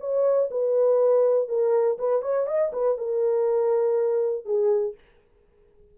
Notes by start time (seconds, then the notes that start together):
0.00 C#5
0.51 B4
1.49 A#4
1.99 B4
2.22 C#5
2.47 D#5
2.73 B4
2.98 A#4
4.45 G#4